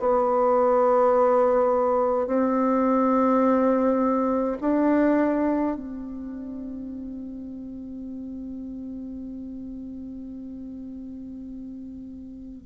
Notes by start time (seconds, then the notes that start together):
0.00 B3
2.27 C4
4.61 D4
5.76 C4